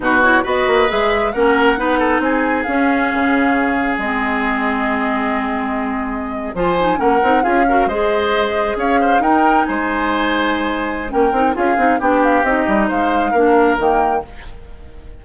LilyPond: <<
  \new Staff \with { instrumentName = "flute" } { \time 4/4 \tempo 4 = 135 b'8 cis''8 dis''4 e''4 fis''4~ | fis''4 gis''4 f''2~ | f''4 dis''2.~ | dis''2~ dis''8. gis''4 fis''16~ |
fis''8. f''4 dis''2 f''16~ | f''8. g''4 gis''2~ gis''16~ | gis''4 g''4 f''4 g''8 f''8 | dis''4 f''2 g''4 | }
  \new Staff \with { instrumentName = "oboe" } { \time 4/4 fis'4 b'2 ais'4 | b'8 a'8 gis'2.~ | gis'1~ | gis'2~ gis'8. c''4 ais'16~ |
ais'8. gis'8 ais'8 c''2 cis''16~ | cis''16 c''8 ais'4 c''2~ c''16~ | c''4 ais'4 gis'4 g'4~ | g'4 c''4 ais'2 | }
  \new Staff \with { instrumentName = "clarinet" } { \time 4/4 dis'8 e'8 fis'4 gis'4 cis'4 | dis'2 cis'2~ | cis'4 c'2.~ | c'2~ c'8. f'8 dis'8 cis'16~ |
cis'16 dis'8 f'8 fis'8 gis'2~ gis'16~ | gis'8. dis'2.~ dis'16~ | dis'4 cis'8 dis'8 f'8 dis'8 d'4 | dis'2 d'4 ais4 | }
  \new Staff \with { instrumentName = "bassoon" } { \time 4/4 b,4 b8 ais8 gis4 ais4 | b4 c'4 cis'4 cis4~ | cis4 gis2.~ | gis2~ gis8. f4 ais16~ |
ais16 c'8 cis'4 gis2 cis'16~ | cis'8. dis'4 gis2~ gis16~ | gis4 ais8 c'8 cis'8 c'8 b4 | c'8 g8 gis4 ais4 dis4 | }
>>